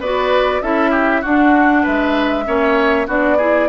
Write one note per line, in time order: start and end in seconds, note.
0.00 0.61 B3
0.00 0.63 F#4
0.00 0.62 B4
0.00 0.62 D5
0.62 1.23 C#4
0.62 1.24 E4
0.62 0.91 A4
0.62 1.23 E5
0.91 1.21 G4
1.21 1.86 D4
1.21 2.46 D4
1.21 1.83 F#4
1.21 1.86 F#5
1.83 2.47 G#3
1.83 2.44 B4
1.83 3.08 E5
2.46 3.08 A#3
2.46 3.07 C#4
2.46 3.07 C#5
3.07 3.69 B3
3.07 3.38 D4
3.07 3.38 F#4
3.07 3.69 D5
3.38 3.69 E4
3.38 3.68 G#4